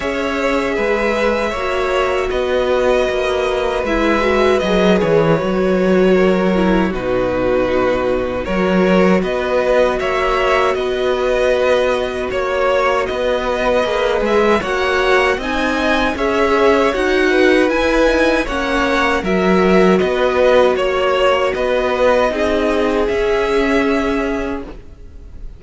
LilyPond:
<<
  \new Staff \with { instrumentName = "violin" } { \time 4/4 \tempo 4 = 78 e''2. dis''4~ | dis''4 e''4 dis''8 cis''4.~ | cis''4 b'2 cis''4 | dis''4 e''4 dis''2 |
cis''4 dis''4. e''8 fis''4 | gis''4 e''4 fis''4 gis''4 | fis''4 e''4 dis''4 cis''4 | dis''2 e''2 | }
  \new Staff \with { instrumentName = "violin" } { \time 4/4 cis''4 b'4 cis''4 b'4~ | b'1 | ais'4 fis'2 ais'4 | b'4 cis''4 b'2 |
cis''4 b'2 cis''4 | dis''4 cis''4. b'4. | cis''4 ais'4 b'4 cis''4 | b'4 gis'2. | }
  \new Staff \with { instrumentName = "viola" } { \time 4/4 gis'2 fis'2~ | fis'4 e'8 fis'8 gis'4 fis'4~ | fis'8 e'8 dis'2 fis'4~ | fis'1~ |
fis'2 gis'4 fis'4 | dis'4 gis'4 fis'4 e'8 dis'8 | cis'4 fis'2.~ | fis'4 dis'4 cis'2 | }
  \new Staff \with { instrumentName = "cello" } { \time 4/4 cis'4 gis4 ais4 b4 | ais4 gis4 fis8 e8 fis4~ | fis4 b,2 fis4 | b4 ais4 b2 |
ais4 b4 ais8 gis8 ais4 | c'4 cis'4 dis'4 e'4 | ais4 fis4 b4 ais4 | b4 c'4 cis'2 | }
>>